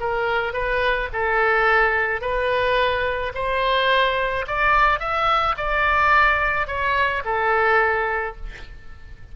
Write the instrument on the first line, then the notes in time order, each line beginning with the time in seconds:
oboe
0.00 A#4
0.54 B4
1.13 A4
2.21 B4
3.35 C5
4.47 D5
4.99 E5
5.57 D5
6.67 C#5
7.25 A4